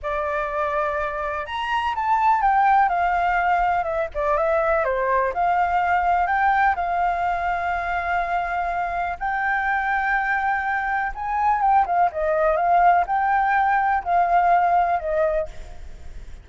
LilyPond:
\new Staff \with { instrumentName = "flute" } { \time 4/4 \tempo 4 = 124 d''2. ais''4 | a''4 g''4 f''2 | e''8 d''8 e''4 c''4 f''4~ | f''4 g''4 f''2~ |
f''2. g''4~ | g''2. gis''4 | g''8 f''8 dis''4 f''4 g''4~ | g''4 f''2 dis''4 | }